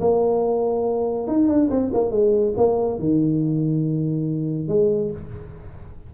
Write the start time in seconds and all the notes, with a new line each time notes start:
0.00 A#3
1.27 D#4
1.48 D4
1.70 C4
1.93 A#3
2.11 G#3
2.57 A#3
2.99 D#3
4.68 G#3